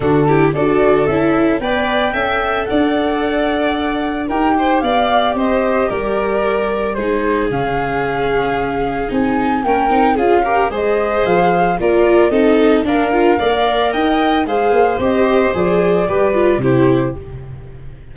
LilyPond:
<<
  \new Staff \with { instrumentName = "flute" } { \time 4/4 \tempo 4 = 112 a'4 d''4 e''4 g''4~ | g''4 fis''2. | g''4 f''4 dis''4 d''4~ | d''4 c''4 f''2~ |
f''4 gis''4 g''4 f''4 | dis''4 f''4 d''4 dis''4 | f''2 g''4 f''4 | dis''4 d''2 c''4 | }
  \new Staff \with { instrumentName = "violin" } { \time 4/4 fis'8 g'8 a'2 d''4 | e''4 d''2. | ais'8 c''8 d''4 c''4 ais'4~ | ais'4 gis'2.~ |
gis'2 ais'4 gis'8 ais'8 | c''2 ais'4 a'4 | ais'4 d''4 dis''4 c''4~ | c''2 b'4 g'4 | }
  \new Staff \with { instrumentName = "viola" } { \time 4/4 d'8 e'8 fis'4 e'4 b'4 | a'1 | g'1~ | g'4 dis'4 cis'2~ |
cis'4 dis'4 cis'8 dis'8 f'8 g'8 | gis'2 f'4 dis'4 | d'8 f'8 ais'2 gis'4 | g'4 gis'4 g'8 f'8 e'4 | }
  \new Staff \with { instrumentName = "tuba" } { \time 4/4 d4 d'4 cis'4 b4 | cis'4 d'2. | dis'4 b4 c'4 g4~ | g4 gis4 cis2~ |
cis4 c'4 ais8 c'8 cis'4 | gis4 f4 ais4 c'4 | d'4 ais4 dis'4 gis8 ais8 | c'4 f4 g4 c4 | }
>>